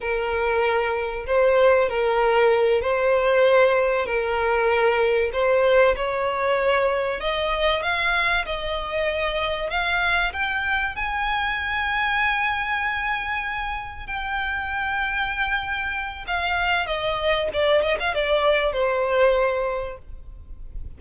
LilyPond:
\new Staff \with { instrumentName = "violin" } { \time 4/4 \tempo 4 = 96 ais'2 c''4 ais'4~ | ais'8 c''2 ais'4.~ | ais'8 c''4 cis''2 dis''8~ | dis''8 f''4 dis''2 f''8~ |
f''8 g''4 gis''2~ gis''8~ | gis''2~ gis''8 g''4.~ | g''2 f''4 dis''4 | d''8 dis''16 f''16 d''4 c''2 | }